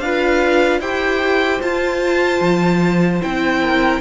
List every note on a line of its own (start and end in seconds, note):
0.00 0.80 D4
0.00 0.82 F4
0.00 0.80 B4
0.00 0.80 F5
0.80 1.60 E4
0.80 1.62 G4
0.80 3.60 C5
0.80 1.61 G5
1.62 3.22 F4
1.62 2.41 F4
1.62 3.22 A5
2.41 3.21 F3
3.22 4.00 C4
3.22 4.00 E4
3.22 4.00 G5
3.61 4.00 A#4